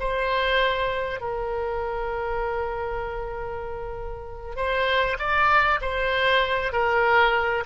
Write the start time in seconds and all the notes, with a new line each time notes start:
0.00 C5
1.21 A#4
4.57 C5
5.20 D5
5.82 C5
6.73 A#4